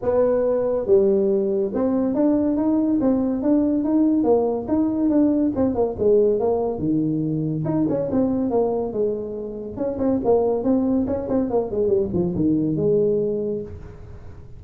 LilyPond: \new Staff \with { instrumentName = "tuba" } { \time 4/4 \tempo 4 = 141 b2 g2 | c'4 d'4 dis'4 c'4 | d'4 dis'4 ais4 dis'4 | d'4 c'8 ais8 gis4 ais4 |
dis2 dis'8 cis'8 c'4 | ais4 gis2 cis'8 c'8 | ais4 c'4 cis'8 c'8 ais8 gis8 | g8 f8 dis4 gis2 | }